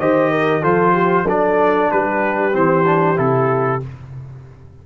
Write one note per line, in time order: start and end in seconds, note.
0.00 0.64 D#3
0.00 0.62 G4
0.00 0.32 C5
0.00 0.64 D#5
0.32 0.61 A#4
0.61 1.27 F3
0.61 1.26 F4
0.61 0.93 A4
0.61 1.28 C5
0.93 1.25 G4
1.27 1.91 F#3
1.27 2.53 D4
1.27 1.91 A4
1.27 1.92 D5
1.92 2.55 G3
1.92 3.87 G4
1.92 2.56 B4
2.53 3.19 E3
2.53 2.85 C4
2.53 3.19 C5
2.86 3.16 D4
3.16 3.83 C3
3.16 3.80 E4
3.16 3.83 A4